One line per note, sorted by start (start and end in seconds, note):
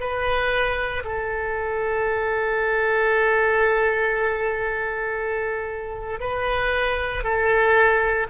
0.00 1.03 B4
1.05 6.20 A4
6.20 7.24 B4
7.24 8.27 A4